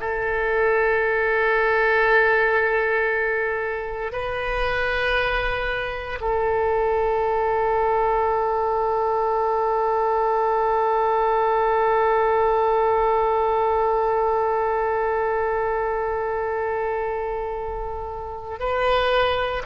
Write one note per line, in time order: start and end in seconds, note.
0.00 4.12 A4
4.12 6.19 B4
6.20 18.59 A4
18.59 19.62 B4